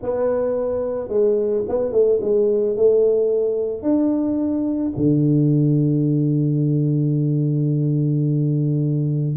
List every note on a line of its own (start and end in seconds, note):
0.02 1.08 B3
1.08 1.63 G#3
1.68 1.91 B3
1.91 2.19 A3
2.21 2.76 G#3
2.76 3.82 A3
3.82 4.92 D4
4.96 9.36 D3